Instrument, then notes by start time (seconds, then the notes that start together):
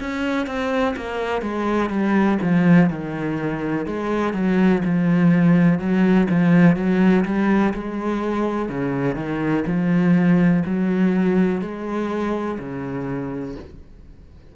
cello
0.00 C#4
0.46 C4
0.96 A#3
1.42 G#3
1.90 G3
2.41 F3
2.89 D#3
3.86 G#3
4.33 F#3
4.84 F3
5.79 F#3
6.30 F3
6.76 F#3
7.25 G3
7.74 G#3
8.69 C#3
9.15 D#3
9.66 F3
10.65 F#3
11.61 G#3
12.59 C#3